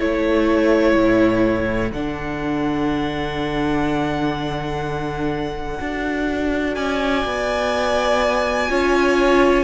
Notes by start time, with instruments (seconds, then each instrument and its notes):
0.00 cello A3, viola E4, violin A4 C#5
0.95 cello A2
1.92 cello D3, viola D4, violin F#5
5.79 cello D4, viola F#4
6.75 cello C#4, violin D5 G#5
7.26 cello B3
8.69 cello C#4, viola F4, violin C#5